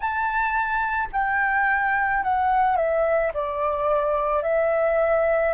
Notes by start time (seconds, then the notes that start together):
0.00 A5
1.12 G5
2.23 F#5
2.76 E5
3.33 D5
4.42 E5